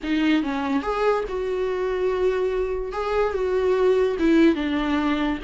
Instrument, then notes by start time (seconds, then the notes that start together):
viola
0.03 D#4
0.42 C#4
0.82 G#4
1.28 F#4
2.92 G#4
3.33 F#4
4.19 E4
4.55 D4